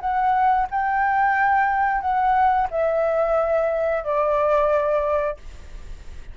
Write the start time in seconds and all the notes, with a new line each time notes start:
0.00 F#5
0.71 G5
2.01 F#5
2.71 E5
4.04 D5